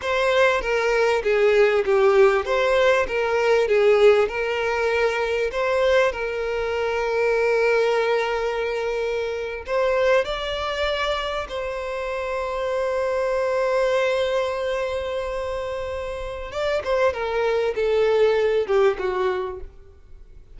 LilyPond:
\new Staff \with { instrumentName = "violin" } { \time 4/4 \tempo 4 = 98 c''4 ais'4 gis'4 g'4 | c''4 ais'4 gis'4 ais'4~ | ais'4 c''4 ais'2~ | ais'2.~ ais'8. c''16~ |
c''8. d''2 c''4~ c''16~ | c''1~ | c''2. d''8 c''8 | ais'4 a'4. g'8 fis'4 | }